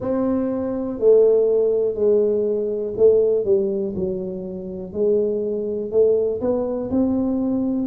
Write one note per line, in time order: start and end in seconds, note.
0.00 0.99 C4
0.99 1.94 A3
1.94 2.93 G#3
2.96 3.44 A3
3.44 3.93 G3
3.95 4.92 F#3
4.92 5.91 G#3
5.91 6.40 A3
6.40 6.89 B3
6.90 7.87 C4